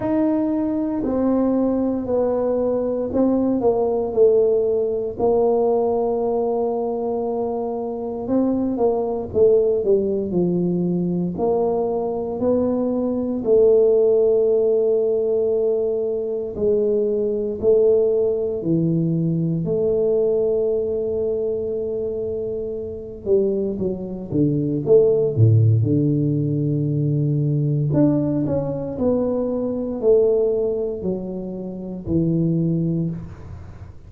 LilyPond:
\new Staff \with { instrumentName = "tuba" } { \time 4/4 \tempo 4 = 58 dis'4 c'4 b4 c'8 ais8 | a4 ais2. | c'8 ais8 a8 g8 f4 ais4 | b4 a2. |
gis4 a4 e4 a4~ | a2~ a8 g8 fis8 d8 | a8 a,8 d2 d'8 cis'8 | b4 a4 fis4 e4 | }